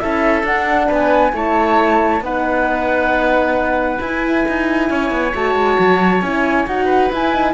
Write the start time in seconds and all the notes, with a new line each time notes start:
0.00 C#4 E4 A4 E5
0.43 D4 F#5
0.87 B3 B4
0.93 G#5
1.33 A3 E4 C#5 A5
2.21 B3 D#4 B4 F#5
4.00 E4 G#5
4.49 D#4
4.90 C#4 C#5
5.11 B3
5.33 A3 F#4 A5
5.55 G#3
5.79 F#3
6.22 C#4 E4 G#5
6.67 D#4 F#4 F#5
6.85 B4
7.12 E4 G#5
7.32 D#4